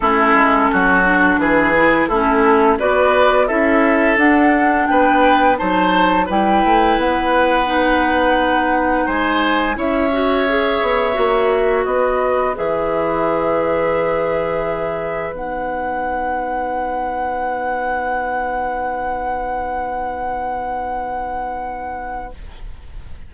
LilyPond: <<
  \new Staff \with { instrumentName = "flute" } { \time 4/4 \tempo 4 = 86 a'2 b'4 a'4 | d''4 e''4 fis''4 g''4 | a''4 g''4 fis''2~ | fis''4 gis''4 e''2~ |
e''4 dis''4 e''2~ | e''2 fis''2~ | fis''1~ | fis''1 | }
  \new Staff \with { instrumentName = "oboe" } { \time 4/4 e'4 fis'4 gis'4 e'4 | b'4 a'2 b'4 | c''4 b'2.~ | b'4 c''4 cis''2~ |
cis''4 b'2.~ | b'1~ | b'1~ | b'1 | }
  \new Staff \with { instrumentName = "clarinet" } { \time 4/4 cis'4. d'4 e'8 cis'4 | fis'4 e'4 d'2 | dis'4 e'2 dis'4~ | dis'2 e'8 fis'8 gis'4 |
fis'2 gis'2~ | gis'2 dis'2~ | dis'1~ | dis'1 | }
  \new Staff \with { instrumentName = "bassoon" } { \time 4/4 a8 gis8 fis4 e4 a4 | b4 cis'4 d'4 b4 | fis4 g8 a8 b2~ | b4 gis4 cis'4. b8 |
ais4 b4 e2~ | e2 b2~ | b1~ | b1 | }
>>